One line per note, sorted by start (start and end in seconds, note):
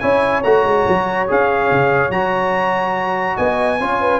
0.00 0.44 C#4
0.00 0.43 E4
0.00 3.36 C#5
0.00 0.42 G#5
0.44 0.64 A3
0.44 1.28 F#4
0.44 1.28 A#5
0.64 0.85 G#3
0.88 1.30 F#3
1.28 1.71 C#4
1.28 2.11 G#4
1.28 2.11 F5
1.71 2.10 C#3
2.10 3.36 F#3
2.10 3.79 F#4
2.10 3.37 A#5
3.37 3.81 B3
3.37 3.79 D#5
3.37 4.20 G#5
3.80 4.20 C#4
3.80 4.20 F4
3.80 4.01 C#5
4.01 4.20 B4